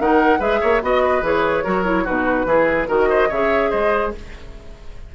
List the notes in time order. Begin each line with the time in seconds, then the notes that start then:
0.00 D#3 D#4 A#4 F#5
0.40 G#3 G#4 B4 E5
0.61 A#3 C#5
0.82 B3 F#4 D#5
1.03 B4
1.22 E3 G#4 C#5
1.64 F#3 F#4 A#4
1.86 E4
2.04 B2 D#4 F#4 B4
2.46 E3 E4 G#4
2.88 D#3 F#4 A#4 D#5
3.10 C5
3.29 C#3 G#4 C#5 E5
3.71 G#3 C5 D#5